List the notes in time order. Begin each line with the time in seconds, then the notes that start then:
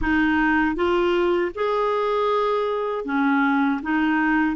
0.01 D#4
0.75 F4
1.55 G#4
3.04 C#4
3.82 D#4